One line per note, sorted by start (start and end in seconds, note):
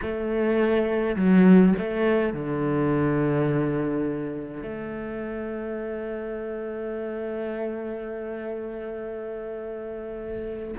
0.02 1.15 A3
1.15 1.74 F#3
1.78 2.33 A3
2.33 4.62 D3
4.62 10.74 A3